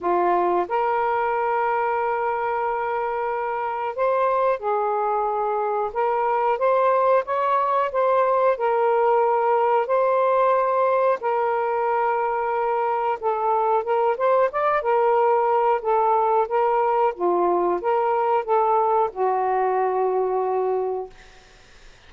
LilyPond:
\new Staff \with { instrumentName = "saxophone" } { \time 4/4 \tempo 4 = 91 f'4 ais'2.~ | ais'2 c''4 gis'4~ | gis'4 ais'4 c''4 cis''4 | c''4 ais'2 c''4~ |
c''4 ais'2. | a'4 ais'8 c''8 d''8 ais'4. | a'4 ais'4 f'4 ais'4 | a'4 fis'2. | }